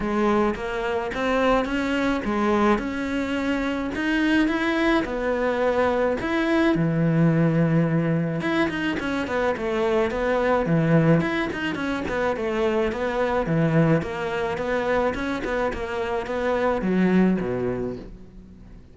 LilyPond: \new Staff \with { instrumentName = "cello" } { \time 4/4 \tempo 4 = 107 gis4 ais4 c'4 cis'4 | gis4 cis'2 dis'4 | e'4 b2 e'4 | e2. e'8 dis'8 |
cis'8 b8 a4 b4 e4 | e'8 dis'8 cis'8 b8 a4 b4 | e4 ais4 b4 cis'8 b8 | ais4 b4 fis4 b,4 | }